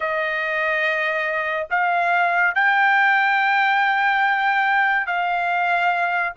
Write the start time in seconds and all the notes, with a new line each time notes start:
0.00 D#5
1.70 F5
2.54 G5
5.06 F5